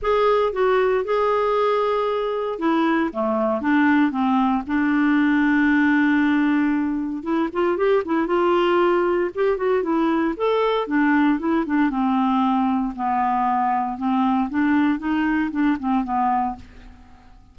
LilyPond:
\new Staff \with { instrumentName = "clarinet" } { \time 4/4 \tempo 4 = 116 gis'4 fis'4 gis'2~ | gis'4 e'4 a4 d'4 | c'4 d'2.~ | d'2 e'8 f'8 g'8 e'8 |
f'2 g'8 fis'8 e'4 | a'4 d'4 e'8 d'8 c'4~ | c'4 b2 c'4 | d'4 dis'4 d'8 c'8 b4 | }